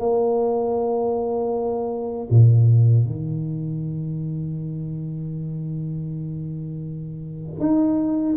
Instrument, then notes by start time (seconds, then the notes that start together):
tuba
0.00 A#3
2.30 A#2
3.06 D#3
7.60 D#4